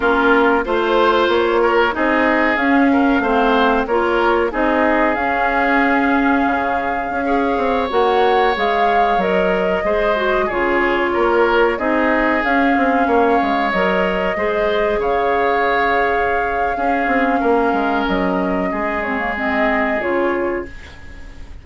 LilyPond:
<<
  \new Staff \with { instrumentName = "flute" } { \time 4/4 \tempo 4 = 93 ais'4 c''4 cis''4 dis''4 | f''2 cis''4 dis''4 | f''1~ | f''16 fis''4 f''4 dis''4.~ dis''16~ |
dis''16 cis''2 dis''4 f''8.~ | f''4~ f''16 dis''2 f''8.~ | f''1 | dis''4. cis''8 dis''4 cis''4 | }
  \new Staff \with { instrumentName = "oboe" } { \time 4/4 f'4 c''4. ais'8 gis'4~ | gis'8 ais'8 c''4 ais'4 gis'4~ | gis'2.~ gis'16 cis''8.~ | cis''2.~ cis''16 c''8.~ |
c''16 gis'4 ais'4 gis'4.~ gis'16~ | gis'16 cis''2 c''4 cis''8.~ | cis''2 gis'4 ais'4~ | ais'4 gis'2. | }
  \new Staff \with { instrumentName = "clarinet" } { \time 4/4 cis'4 f'2 dis'4 | cis'4 c'4 f'4 dis'4 | cis'2.~ cis'16 gis'8.~ | gis'16 fis'4 gis'4 ais'4 gis'8 fis'16~ |
fis'16 f'2 dis'4 cis'8.~ | cis'4~ cis'16 ais'4 gis'4.~ gis'16~ | gis'2 cis'2~ | cis'4. c'16 ais16 c'4 f'4 | }
  \new Staff \with { instrumentName = "bassoon" } { \time 4/4 ais4 a4 ais4 c'4 | cis'4 a4 ais4 c'4 | cis'2 cis4 cis'8. c'16~ | c'16 ais4 gis4 fis4 gis8.~ |
gis16 cis4 ais4 c'4 cis'8 c'16~ | c'16 ais8 gis8 fis4 gis4 cis8.~ | cis2 cis'8 c'8 ais8 gis8 | fis4 gis2 cis4 | }
>>